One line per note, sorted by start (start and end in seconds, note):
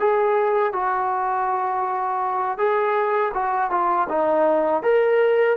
0.00 0.73 G#4
0.73 2.58 F#4
2.58 3.32 G#4
3.34 3.71 F#4
3.71 4.08 F4
4.09 4.84 D#4
4.84 5.57 A#4